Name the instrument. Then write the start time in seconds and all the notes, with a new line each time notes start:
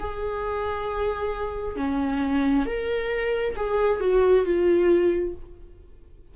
viola
0.00 G#4
1.77 C#4
2.66 A#4
3.56 G#4
4.01 F#4
4.45 F4